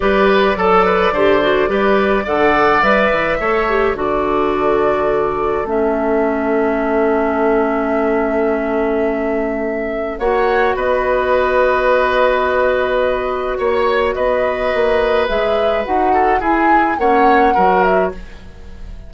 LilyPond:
<<
  \new Staff \with { instrumentName = "flute" } { \time 4/4 \tempo 4 = 106 d''1 | fis''4 e''2 d''4~ | d''2 e''2~ | e''1~ |
e''2 fis''4 dis''4~ | dis''1 | cis''4 dis''2 e''4 | fis''4 gis''4 fis''4. e''8 | }
  \new Staff \with { instrumentName = "oboe" } { \time 4/4 b'4 a'8 b'8 c''4 b'4 | d''2 cis''4 a'4~ | a'1~ | a'1~ |
a'2 cis''4 b'4~ | b'1 | cis''4 b'2.~ | b'8 a'8 gis'4 cis''4 ais'4 | }
  \new Staff \with { instrumentName = "clarinet" } { \time 4/4 g'4 a'4 g'8 fis'8 g'4 | a'4 b'4 a'8 g'8 fis'4~ | fis'2 cis'2~ | cis'1~ |
cis'2 fis'2~ | fis'1~ | fis'2. gis'4 | fis'4 e'4 cis'4 fis'4 | }
  \new Staff \with { instrumentName = "bassoon" } { \time 4/4 g4 fis4 d4 g4 | d4 g8 e8 a4 d4~ | d2 a2~ | a1~ |
a2 ais4 b4~ | b1 | ais4 b4 ais4 gis4 | dis'4 e'4 ais4 fis4 | }
>>